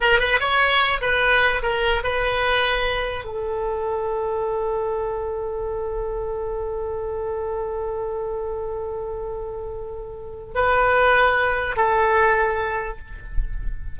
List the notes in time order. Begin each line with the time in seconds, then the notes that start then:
0.01 A#4
0.19 B4
0.40 C#5
1.01 B4
1.62 A#4
2.03 B4
3.24 A4
10.55 B4
11.76 A4